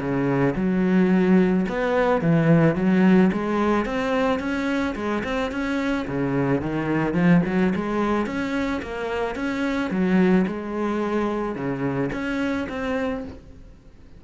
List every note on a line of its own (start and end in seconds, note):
0.00 0.55 C#3
0.56 1.66 F#3
1.69 2.21 B3
2.21 2.76 E3
2.76 3.31 F#3
3.33 3.86 G#3
3.86 4.40 C4
4.40 4.95 C#4
4.96 5.23 G#3
5.24 5.51 C4
5.51 6.07 C#4
6.08 6.62 C#3
6.62 7.14 D#3
7.14 7.42 F3
7.46 7.73 F#3
7.76 8.26 G#3
8.26 8.81 C#4
8.82 9.36 A#3
9.36 9.91 C#4
9.91 10.46 F#3
10.47 11.55 G#3
11.55 12.11 C#3
12.13 12.68 C#4
12.70 13.25 C4